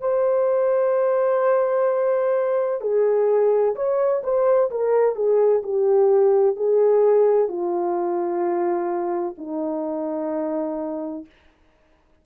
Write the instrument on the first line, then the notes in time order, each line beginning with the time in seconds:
horn
0.00 C5
2.81 G#4
3.75 C#5
4.24 C5
4.70 A#4
5.16 G#4
5.63 G4
6.56 G#4
7.48 F4
9.38 D#4